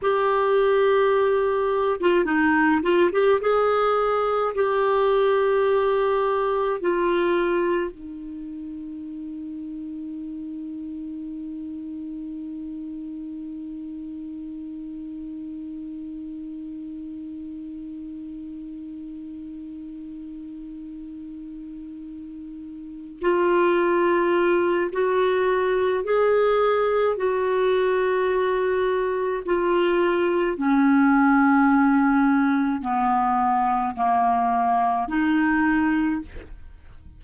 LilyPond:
\new Staff \with { instrumentName = "clarinet" } { \time 4/4 \tempo 4 = 53 g'4.~ g'16 f'16 dis'8 f'16 g'16 gis'4 | g'2 f'4 dis'4~ | dis'1~ | dis'1~ |
dis'1~ | dis'8 f'4. fis'4 gis'4 | fis'2 f'4 cis'4~ | cis'4 b4 ais4 dis'4 | }